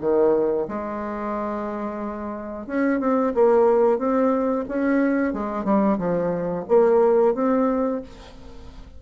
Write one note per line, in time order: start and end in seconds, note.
0.00 0.67 D#3
0.68 2.67 G#3
2.67 3.00 C#4
3.00 3.33 C4
3.34 3.98 A#3
3.98 4.65 C4
4.68 5.33 C#4
5.33 5.64 G#3
5.64 5.97 G3
5.98 6.64 F3
6.68 7.34 A#3
7.34 8.01 C4